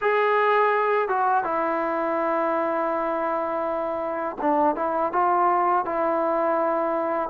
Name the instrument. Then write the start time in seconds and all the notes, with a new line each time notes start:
trombone
0.01 G#4
1.08 F#4
1.43 E4
4.41 D4
4.75 E4
5.12 F4
5.85 E4